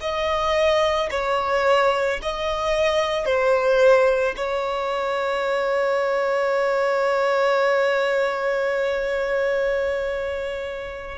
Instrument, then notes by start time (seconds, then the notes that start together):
violin
0.00 D#5
1.11 C#5
2.22 D#5
3.25 C5
4.36 C#5